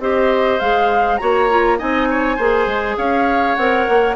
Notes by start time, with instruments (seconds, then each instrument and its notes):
0.00 bassoon C4, clarinet G4, oboe C5, flute D#5
0.60 bassoon G#3, clarinet G#4, flute F5
1.18 bassoon A#3, clarinet F#4, oboe C#5, flute A#5
1.50 clarinet F4
1.78 bassoon C4, clarinet D#4, oboe D#5, flute G#5
2.10 oboe C#5
2.37 bassoon A#3, clarinet G#4, oboe C5
2.67 bassoon G#3
2.98 bassoon C#4, oboe C#5, flute F5
3.55 bassoon C4, clarinet A#4, flute F#5
3.89 bassoon A#3